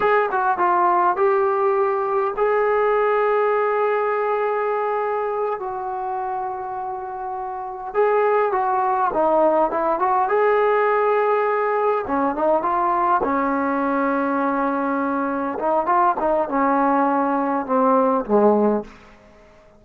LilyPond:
\new Staff \with { instrumentName = "trombone" } { \time 4/4 \tempo 4 = 102 gis'8 fis'8 f'4 g'2 | gis'1~ | gis'4. fis'2~ fis'8~ | fis'4. gis'4 fis'4 dis'8~ |
dis'8 e'8 fis'8 gis'2~ gis'8~ | gis'8 cis'8 dis'8 f'4 cis'4.~ | cis'2~ cis'8 dis'8 f'8 dis'8 | cis'2 c'4 gis4 | }